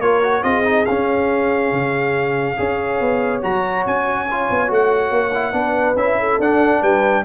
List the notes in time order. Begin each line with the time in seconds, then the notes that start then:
0.00 A#3 F4 A#4 C#5
0.23 F#4
0.43 C4 F4 G#4 D#5
0.65 D#4
0.86 C#4 F5
1.72 C#3
2.57 C#4 G#4 C#5
3.01 B3
3.42 F#3 F#4 A#5
3.86 C#4 G#5
4.31 F4
4.50 B3
4.68 A3 F#4 F#5
5.11 A#3
5.34 E4
5.53 B3 D4 B4
5.96 C#4 E4 E5
6.20 A4
6.40 D4 F#5
6.81 G3 B4 G5